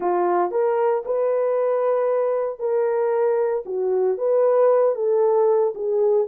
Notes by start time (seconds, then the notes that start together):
0.00 F4
0.51 A#4
1.05 B4
2.59 A#4
3.65 F#4
4.17 B4
4.95 A4
5.75 G#4